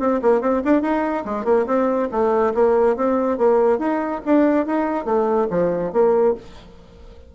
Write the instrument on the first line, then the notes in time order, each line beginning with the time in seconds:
bassoon
0.00 C4
0.22 A#3
0.41 C4
0.65 D4
0.82 D#4
1.25 G#3
1.45 A#3
1.67 C4
2.12 A3
2.55 A#3
2.97 C4
3.38 A#3
3.79 D#4
4.26 D4
4.67 D#4
5.06 A3
5.51 F3
5.93 A#3